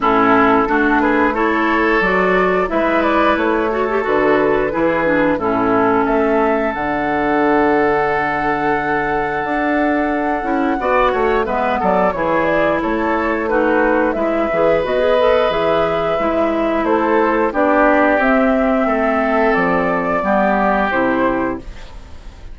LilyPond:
<<
  \new Staff \with { instrumentName = "flute" } { \time 4/4 \tempo 4 = 89 a'4. b'8 cis''4 d''4 | e''8 d''8 cis''4 b'2 | a'4 e''4 fis''2~ | fis''1~ |
fis''4 e''8 d''8 cis''8 d''8 cis''4 | b'4 e''4 dis''4 e''4~ | e''4 c''4 d''4 e''4~ | e''4 d''2 c''4 | }
  \new Staff \with { instrumentName = "oboe" } { \time 4/4 e'4 fis'8 gis'8 a'2 | b'4. a'4. gis'4 | e'4 a'2.~ | a'1 |
d''8 cis''8 b'8 a'8 gis'4 a'4 | fis'4 b'2.~ | b'4 a'4 g'2 | a'2 g'2 | }
  \new Staff \with { instrumentName = "clarinet" } { \time 4/4 cis'4 d'4 e'4 fis'4 | e'4. fis'16 g'16 fis'4 e'8 d'8 | cis'2 d'2~ | d'2.~ d'8 e'8 |
fis'4 b4 e'2 | dis'4 e'8 gis'8 fis'16 gis'16 a'8 gis'4 | e'2 d'4 c'4~ | c'2 b4 e'4 | }
  \new Staff \with { instrumentName = "bassoon" } { \time 4/4 a,4 a2 fis4 | gis4 a4 d4 e4 | a,4 a4 d2~ | d2 d'4. cis'8 |
b8 a8 gis8 fis8 e4 a4~ | a4 gis8 e8 b4 e4 | gis4 a4 b4 c'4 | a4 f4 g4 c4 | }
>>